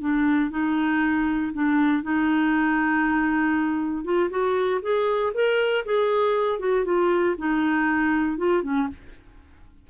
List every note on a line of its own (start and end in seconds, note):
0.00 0.50 D4
0.50 1.52 D#4
1.53 2.02 D4
2.02 4.04 D#4
4.04 4.29 F4
4.30 4.81 F#4
4.82 5.33 G#4
5.34 5.85 A#4
5.85 6.59 G#4
6.59 6.84 F#4
6.84 7.35 F4
7.38 8.37 D#4
8.37 8.62 F4
8.62 8.88 C#4